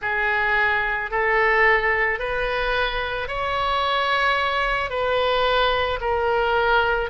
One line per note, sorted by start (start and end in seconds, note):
0.01 1.10 G#4
1.10 2.19 A4
2.19 3.27 B4
3.27 4.89 C#5
4.89 5.99 B4
6.00 7.10 A#4